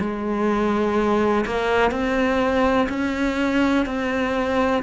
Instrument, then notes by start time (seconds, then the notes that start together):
cello
0.00 G#3
1.46 A#3
1.91 C4
2.89 C#4
3.86 C4